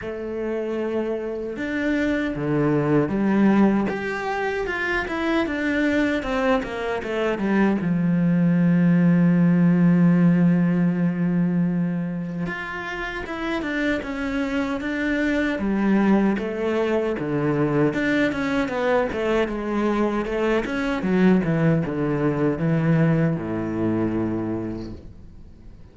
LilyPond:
\new Staff \with { instrumentName = "cello" } { \time 4/4 \tempo 4 = 77 a2 d'4 d4 | g4 g'4 f'8 e'8 d'4 | c'8 ais8 a8 g8 f2~ | f1 |
f'4 e'8 d'8 cis'4 d'4 | g4 a4 d4 d'8 cis'8 | b8 a8 gis4 a8 cis'8 fis8 e8 | d4 e4 a,2 | }